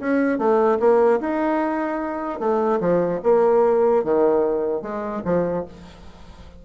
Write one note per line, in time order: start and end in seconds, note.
0.00 0.39 C#4
0.39 0.79 A3
0.80 1.20 A#3
1.21 2.40 D#4
2.40 2.80 A3
2.81 3.21 F3
3.24 4.04 A#3
4.04 4.82 D#3
4.82 5.23 G#3
5.25 5.66 F3